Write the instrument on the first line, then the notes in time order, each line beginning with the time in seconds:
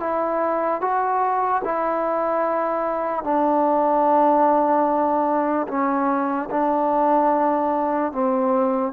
trombone
0.00 E4
0.81 F#4
1.64 E4
3.24 D4
5.68 C#4
6.50 D4
8.12 C4